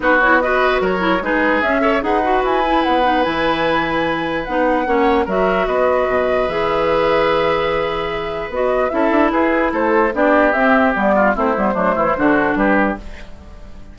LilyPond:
<<
  \new Staff \with { instrumentName = "flute" } { \time 4/4 \tempo 4 = 148 b'8 cis''8 dis''4 cis''4 b'4 | e''4 fis''4 gis''4 fis''4 | gis''2. fis''4~ | fis''4 e''4 dis''2 |
e''1~ | e''4 dis''4 e''4 b'4 | c''4 d''4 e''4 d''4 | c''2. b'4 | }
  \new Staff \with { instrumentName = "oboe" } { \time 4/4 fis'4 b'4 ais'4 gis'4~ | gis'8 cis''8 b'2.~ | b'1 | cis''4 ais'4 b'2~ |
b'1~ | b'2 a'4 gis'4 | a'4 g'2~ g'8 f'8 | e'4 d'8 e'8 fis'4 g'4 | }
  \new Staff \with { instrumentName = "clarinet" } { \time 4/4 dis'8 e'8 fis'4. e'8 dis'4 | cis'8 a'8 gis'8 fis'4 e'4 dis'8 | e'2. dis'4 | cis'4 fis'2. |
gis'1~ | gis'4 fis'4 e'2~ | e'4 d'4 c'4 b4 | c'8 b8 a4 d'2 | }
  \new Staff \with { instrumentName = "bassoon" } { \time 4/4 b2 fis4 gis4 | cis'4 dis'4 e'4 b4 | e2. b4 | ais4 fis4 b4 b,4 |
e1~ | e4 b4 cis'8 d'8 e'4 | a4 b4 c'4 g4 | a8 g8 fis8 e8 d4 g4 | }
>>